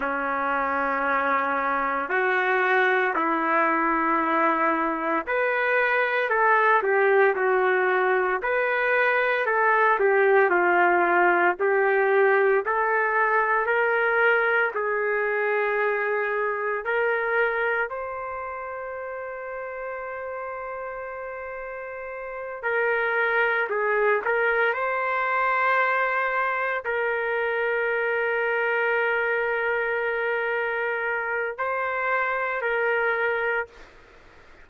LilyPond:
\new Staff \with { instrumentName = "trumpet" } { \time 4/4 \tempo 4 = 57 cis'2 fis'4 e'4~ | e'4 b'4 a'8 g'8 fis'4 | b'4 a'8 g'8 f'4 g'4 | a'4 ais'4 gis'2 |
ais'4 c''2.~ | c''4. ais'4 gis'8 ais'8 c''8~ | c''4. ais'2~ ais'8~ | ais'2 c''4 ais'4 | }